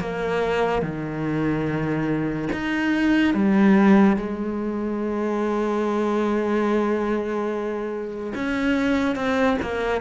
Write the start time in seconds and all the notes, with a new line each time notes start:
0.00 A#3
0.82 D#3
2.52 D#4
3.34 G3
4.17 G#3
8.35 C#4
9.16 C4
9.62 A#3